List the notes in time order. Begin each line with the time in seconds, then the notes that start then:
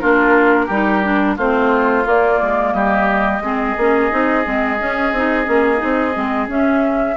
0.00 A#3 D4 F4 A#4
0.66 G3 D#4 G4
1.04 D4
1.37 A3 C4 F4 C5
2.05 A#3 D5
2.41 G#3
2.73 G3 G4 D#5
3.40 G#3 C4 G#4
3.78 A#3 C#4
4.11 C4 D#4
4.44 G#3 C4
4.79 C#4
5.12 C4 D#4
5.45 A#3 C#4
5.77 C4 D#4
6.16 G#3 C4
6.48 C#4 E5